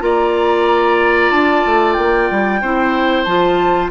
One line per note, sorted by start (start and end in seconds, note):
0.00 1.31 A#3
0.00 2.61 F4
0.00 2.62 D5
0.00 1.31 A#5
1.31 1.63 D4
1.31 1.93 A5
1.65 1.97 A3
1.93 2.30 A#3
1.93 3.24 G5
2.31 2.62 G3
2.62 3.26 C4
2.62 3.27 E4
2.62 3.91 C5
3.24 3.91 F3
3.24 3.91 F4
3.24 3.89 A5